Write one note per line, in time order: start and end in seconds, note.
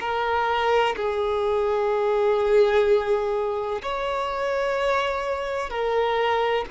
0.00 0.95 A#4
0.96 3.82 G#4
3.82 5.70 C#5
5.70 6.65 A#4